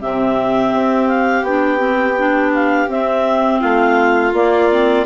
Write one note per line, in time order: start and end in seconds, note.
0.00 0.73 C3
0.00 1.45 C4
0.00 3.60 G4
0.00 1.08 E5
0.73 1.43 C4
1.08 1.44 F5
1.43 2.87 B3
1.43 1.78 D4
1.43 2.53 G5
1.78 2.14 C4
2.18 2.88 D4
2.54 2.90 F5
2.88 4.33 C4
2.88 3.61 C4
2.88 3.61 E5
3.60 4.33 A3
3.60 5.05 F4
3.60 4.33 F5
4.33 5.05 A#3
4.33 4.70 A#3
4.33 5.06 D5
4.70 5.06 C4